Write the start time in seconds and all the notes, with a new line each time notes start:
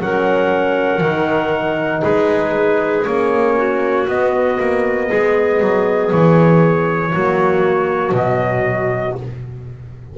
0.00 F#3 C#4 A#4 F#5
1.01 D#3 D#4
2.02 G#3 G#4 B4
3.05 A#3 C#4 C#5
3.56 F#4
4.08 B3 D#5
4.60 A#3
5.07 G#3 G#4
5.60 F#3
6.11 E3 C#5
7.12 F#3 A#3 F#4
8.12 B2 F#3 D#5